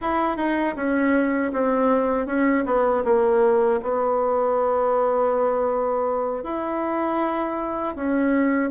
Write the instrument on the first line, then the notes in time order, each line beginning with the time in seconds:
bassoon
0.01 E4
0.36 D#4
0.76 C#4
1.52 C4
2.26 C#4
2.65 B3
3.04 A#3
3.82 B3
6.43 E4
7.95 C#4